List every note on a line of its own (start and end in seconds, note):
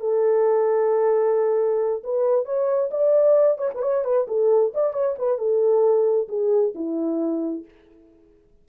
0.00 2.03 A4
2.04 2.45 B4
2.45 2.90 C#5
2.91 3.58 D5
3.58 3.69 C#5
3.74 3.82 B4
3.82 4.04 C#5
4.04 4.27 B4
4.28 4.73 A4
4.74 4.93 D5
4.93 5.16 C#5
5.19 5.38 B4
5.38 6.28 A4
6.28 6.74 G#4
6.75 7.65 E4